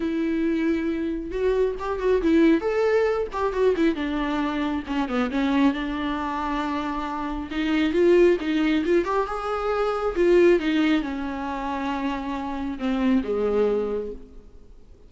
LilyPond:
\new Staff \with { instrumentName = "viola" } { \time 4/4 \tempo 4 = 136 e'2. fis'4 | g'8 fis'8 e'4 a'4. g'8 | fis'8 e'8 d'2 cis'8 b8 | cis'4 d'2.~ |
d'4 dis'4 f'4 dis'4 | f'8 g'8 gis'2 f'4 | dis'4 cis'2.~ | cis'4 c'4 gis2 | }